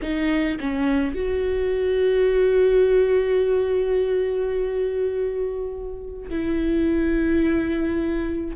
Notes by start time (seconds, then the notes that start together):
0.02 D#4
0.60 C#4
1.15 F#4
6.29 E4